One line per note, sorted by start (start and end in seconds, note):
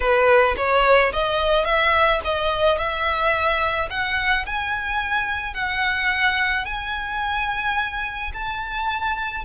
0.00 0.55 B4
0.56 1.12 C#5
1.12 1.64 D#5
1.64 2.20 E5
2.24 2.78 D#5
2.78 3.89 E5
3.89 4.45 F#5
4.46 5.54 G#5
5.54 6.65 F#5
6.65 8.32 G#5
8.33 9.44 A5